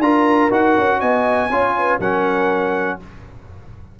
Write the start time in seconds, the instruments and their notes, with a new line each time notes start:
0.00 tuba D4, trombone F4, horn A#4, trumpet A#5
0.51 tuba D#4, trombone F#4, trumpet F#5
0.77 tuba C#4
1.00 tuba B3, horn D#5, trumpet G#5
1.50 tuba C#4, trombone F4, horn C#5
1.78 horn B4
2.00 tuba F#3, trombone C#4, horn A#4, trumpet F#5